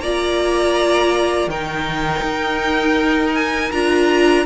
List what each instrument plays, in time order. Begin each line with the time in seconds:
0.00 cello A#3, viola F4, violin D5 A#5
1.47 cello D#3, viola D#4, violin A#4 G5
2.23 cello D#4
3.35 violin G#5
3.72 cello D4, viola F4, violin A#5